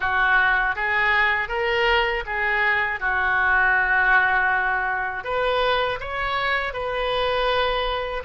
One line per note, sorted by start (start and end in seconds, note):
0.00 0.75 F#4
0.75 1.48 G#4
1.48 2.23 A#4
2.26 3.00 G#4
3.00 5.24 F#4
5.24 5.99 B4
6.00 6.73 C#5
6.73 8.23 B4